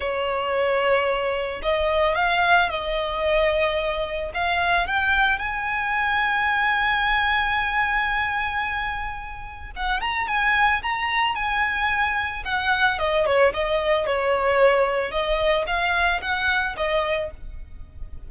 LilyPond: \new Staff \with { instrumentName = "violin" } { \time 4/4 \tempo 4 = 111 cis''2. dis''4 | f''4 dis''2. | f''4 g''4 gis''2~ | gis''1~ |
gis''2 fis''8 ais''8 gis''4 | ais''4 gis''2 fis''4 | dis''8 cis''8 dis''4 cis''2 | dis''4 f''4 fis''4 dis''4 | }